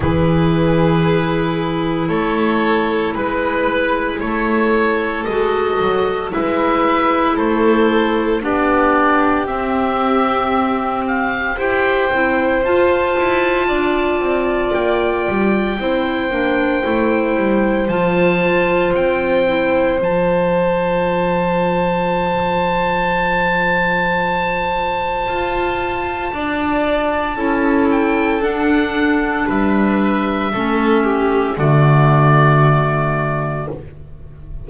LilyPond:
<<
  \new Staff \with { instrumentName = "oboe" } { \time 4/4 \tempo 4 = 57 b'2 cis''4 b'4 | cis''4 dis''4 e''4 c''4 | d''4 e''4. f''8 g''4 | a''2 g''2~ |
g''4 a''4 g''4 a''4~ | a''1~ | a''2~ a''8 g''8 fis''4 | e''2 d''2 | }
  \new Staff \with { instrumentName = "violin" } { \time 4/4 gis'2 a'4 b'4 | a'2 b'4 a'4 | g'2. c''4~ | c''4 d''2 c''4~ |
c''1~ | c''1~ | c''4 d''4 a'2 | b'4 a'8 g'8 fis'2 | }
  \new Staff \with { instrumentName = "clarinet" } { \time 4/4 e'1~ | e'4 fis'4 e'2 | d'4 c'2 g'8 e'8 | f'2. e'8 d'8 |
e'4 f'4. e'8 f'4~ | f'1~ | f'2 e'4 d'4~ | d'4 cis'4 a2 | }
  \new Staff \with { instrumentName = "double bass" } { \time 4/4 e2 a4 gis4 | a4 gis8 fis8 gis4 a4 | b4 c'2 e'8 c'8 | f'8 e'8 d'8 c'8 ais8 g8 c'8 ais8 |
a8 g8 f4 c'4 f4~ | f1 | f'4 d'4 cis'4 d'4 | g4 a4 d2 | }
>>